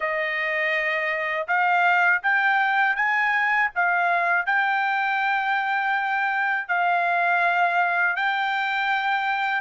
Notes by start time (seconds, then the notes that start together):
0.00 D#5
1.47 F5
2.22 G5
2.96 G#5
3.75 F5
4.45 G5
6.68 F5
8.15 G5